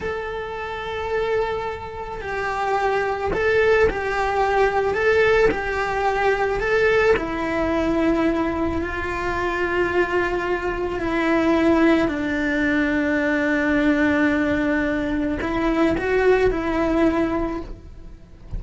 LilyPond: \new Staff \with { instrumentName = "cello" } { \time 4/4 \tempo 4 = 109 a'1 | g'2 a'4 g'4~ | g'4 a'4 g'2 | a'4 e'2. |
f'1 | e'2 d'2~ | d'1 | e'4 fis'4 e'2 | }